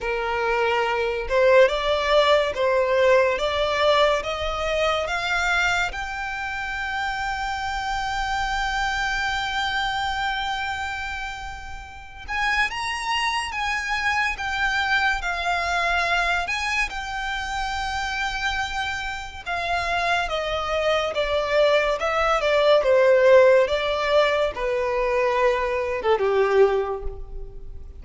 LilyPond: \new Staff \with { instrumentName = "violin" } { \time 4/4 \tempo 4 = 71 ais'4. c''8 d''4 c''4 | d''4 dis''4 f''4 g''4~ | g''1~ | g''2~ g''8 gis''8 ais''4 |
gis''4 g''4 f''4. gis''8 | g''2. f''4 | dis''4 d''4 e''8 d''8 c''4 | d''4 b'4.~ b'16 a'16 g'4 | }